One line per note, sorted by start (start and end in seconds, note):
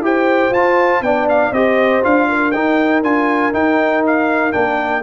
0.00 0.50 E4
0.00 0.52 G4
0.00 1.04 C5
0.00 0.53 G5
0.50 1.00 F4
0.50 1.04 F4
0.50 1.02 A5
1.01 1.51 B3
1.01 1.54 D4
1.01 1.53 D5
1.01 1.27 G5
1.29 1.53 F5
1.51 2.01 C4
1.51 2.02 G4
1.51 2.28 C5
1.51 2.03 D#5
2.02 2.54 D4
2.02 2.52 F4
2.02 2.51 F5
2.28 5.03 A#4
2.51 3.03 D#4
2.51 3.04 D#4
2.51 3.01 G5
3.03 3.53 D4
3.03 3.52 F4
3.03 3.53 G#5
3.52 4.52 D#4
3.52 4.53 D#4
3.52 4.04 G5
4.07 4.52 F5
4.52 5.03 A#3
4.52 5.02 D4
4.52 5.02 G5